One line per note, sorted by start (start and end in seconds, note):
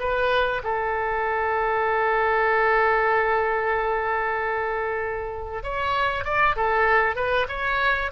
0.00 0.62 B4
0.64 5.64 A4
5.64 6.25 C#5
6.25 6.56 D5
6.57 7.16 A4
7.16 7.47 B4
7.49 8.12 C#5